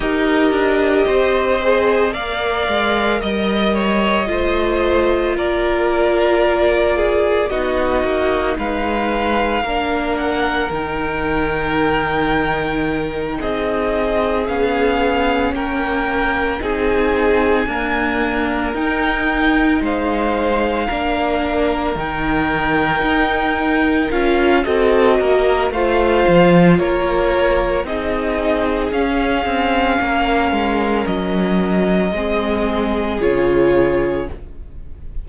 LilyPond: <<
  \new Staff \with { instrumentName = "violin" } { \time 4/4 \tempo 4 = 56 dis''2 f''4 dis''4~ | dis''4 d''2 dis''4 | f''4. fis''8 g''2~ | g''8 dis''4 f''4 g''4 gis''8~ |
gis''4. g''4 f''4.~ | f''8 g''2 f''8 dis''4 | f''4 cis''4 dis''4 f''4~ | f''4 dis''2 cis''4 | }
  \new Staff \with { instrumentName = "violin" } { \time 4/4 ais'4 c''4 d''4 dis''8 cis''8 | c''4 ais'4. gis'8 fis'4 | b'4 ais'2.~ | ais'8 gis'2 ais'4 gis'8~ |
gis'8 ais'2 c''4 ais'8~ | ais'2. a'8 ais'8 | c''4 ais'4 gis'2 | ais'2 gis'2 | }
  \new Staff \with { instrumentName = "viola" } { \time 4/4 g'4. gis'8 ais'2 | f'2. dis'4~ | dis'4 d'4 dis'2~ | dis'4. cis'2 dis'8~ |
dis'8 ais4 dis'2 d'8~ | d'8 dis'2 f'8 fis'4 | f'2 dis'4 cis'4~ | cis'2 c'4 f'4 | }
  \new Staff \with { instrumentName = "cello" } { \time 4/4 dis'8 d'8 c'4 ais8 gis8 g4 | a4 ais2 b8 ais8 | gis4 ais4 dis2~ | dis8 c'4 b4 ais4 c'8~ |
c'8 d'4 dis'4 gis4 ais8~ | ais8 dis4 dis'4 cis'8 c'8 ais8 | a8 f8 ais4 c'4 cis'8 c'8 | ais8 gis8 fis4 gis4 cis4 | }
>>